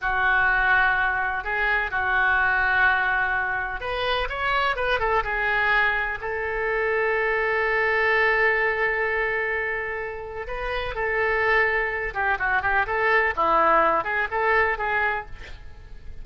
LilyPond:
\new Staff \with { instrumentName = "oboe" } { \time 4/4 \tempo 4 = 126 fis'2. gis'4 | fis'1 | b'4 cis''4 b'8 a'8 gis'4~ | gis'4 a'2.~ |
a'1~ | a'2 b'4 a'4~ | a'4. g'8 fis'8 g'8 a'4 | e'4. gis'8 a'4 gis'4 | }